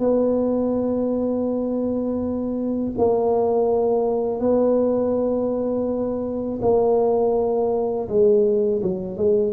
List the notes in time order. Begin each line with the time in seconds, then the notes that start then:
0.00 B3
2.98 A#3
4.41 B3
6.62 A#3
8.09 G#3
8.83 F#3
9.18 G#3